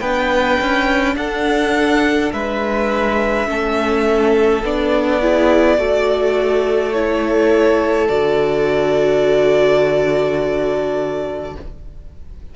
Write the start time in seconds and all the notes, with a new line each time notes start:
0.00 B3 D4 B4 G5
0.60 C#4
1.16 D4 A4 F#5
2.33 G#3 B4 E5
3.46 A3 C#4 A4
4.62 B3 D4 D5
5.21 E4 G#4
5.78 A3 F#4 A4
6.92 E4 C#5
8.08 D3 F#4 D5